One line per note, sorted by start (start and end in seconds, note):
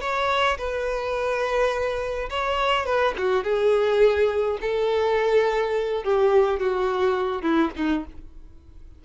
0.00 0.57 C#5
0.57 2.29 B4
2.29 2.85 C#5
2.85 3.14 B4
3.17 3.43 F#4
3.43 4.58 G#4
4.61 6.03 A4
6.03 6.59 G4
6.59 7.42 F#4
7.42 7.70 E4
7.76 8.04 D#4